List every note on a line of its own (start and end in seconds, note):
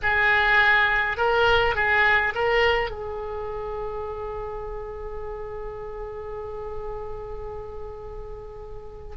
0.02 1.17 G#4
1.17 1.75 A#4
1.75 2.33 G#4
2.35 2.90 A#4
2.90 9.16 G#4